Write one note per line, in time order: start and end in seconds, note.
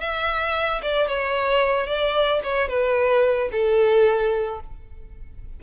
0.00 0.81 E5
0.82 1.08 D5
1.08 1.86 C#5
1.86 2.41 D5
2.43 2.68 C#5
2.68 3.49 B4
3.52 4.60 A4